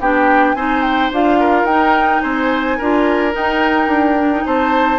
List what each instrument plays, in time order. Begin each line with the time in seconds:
0.00 bassoon B3, clarinet D4, oboe G4, flute G5
0.54 bassoon C4, clarinet D#4, oboe C5, flute G#5
0.83 flute G5
1.12 bassoon D4, clarinet F4, flute F5
1.40 oboe A#4
1.63 bassoon D#4, clarinet D#4, flute G5
2.21 bassoon C4, oboe C5, flute G#5
2.77 bassoon D4, clarinet F4, oboe A#4
3.32 clarinet D#4, bassoon D#4, flute G5
3.87 bassoon D4
4.19 clarinet D4
4.32 clarinet D#4
4.46 bassoon C4, oboe C5, flute A5